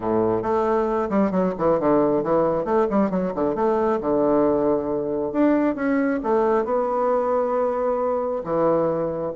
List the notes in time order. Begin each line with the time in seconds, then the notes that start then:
0.00 A2
0.42 A3
1.09 G3
1.31 F#3
1.58 E3
1.79 D3
2.23 E3
2.64 A3
2.89 G3
3.10 F#3
3.35 D3
3.55 A3
4.00 D3
5.32 D4
5.75 C#4
6.23 A3
6.64 B3
8.44 E3